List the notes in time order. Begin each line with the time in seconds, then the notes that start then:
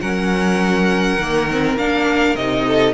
0.00 F#3 C#4 A#4 F#5
1.18 D#3 A#3
1.51 C4
1.76 A#3 D4 F5
2.35 C3 D#4 D#5
2.67 A4